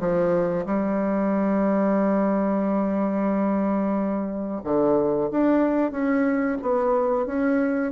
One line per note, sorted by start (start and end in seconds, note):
0.00 0.66 F3
0.67 4.62 G3
4.64 5.30 D3
5.32 5.92 D4
5.92 6.58 C#4
6.62 7.26 B3
7.26 7.92 C#4